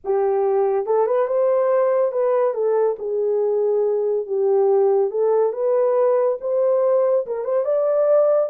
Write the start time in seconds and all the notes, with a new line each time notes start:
0.04 G4
0.85 A4
1.06 B4
1.27 C5
2.11 B4
2.54 A4
2.99 G#4
4.26 G4
5.10 A4
5.53 B4
6.40 C5
7.26 A#4
7.44 C5
7.64 D5